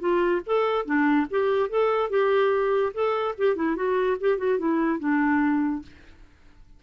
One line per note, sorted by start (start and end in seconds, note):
0.00 0.41 F4
0.46 0.85 A4
0.85 1.27 D4
1.31 1.69 G4
1.69 2.10 A4
2.10 2.93 G4
2.94 3.35 A4
3.38 3.56 G4
3.56 3.76 E4
3.76 4.17 F#4
4.20 4.38 G4
4.38 4.59 F#4
4.59 5.00 E4
5.00 5.82 D4